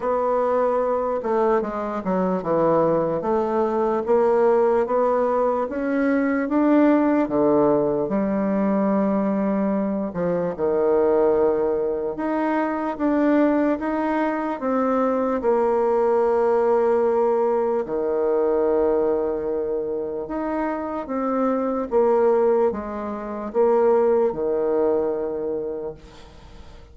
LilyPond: \new Staff \with { instrumentName = "bassoon" } { \time 4/4 \tempo 4 = 74 b4. a8 gis8 fis8 e4 | a4 ais4 b4 cis'4 | d'4 d4 g2~ | g8 f8 dis2 dis'4 |
d'4 dis'4 c'4 ais4~ | ais2 dis2~ | dis4 dis'4 c'4 ais4 | gis4 ais4 dis2 | }